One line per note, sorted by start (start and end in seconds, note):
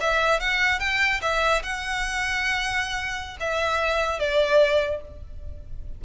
0.00 0.40 E5
0.40 0.79 F#5
0.79 1.20 G5
1.21 1.62 E5
1.63 3.37 F#5
3.40 4.19 E5
4.19 5.01 D5